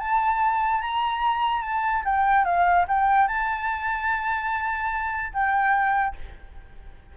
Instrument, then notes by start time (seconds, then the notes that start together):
flute
0.00 A5
0.81 A#5
1.62 A5
2.05 G5
2.45 F5
2.88 G5
3.28 A5
5.33 G5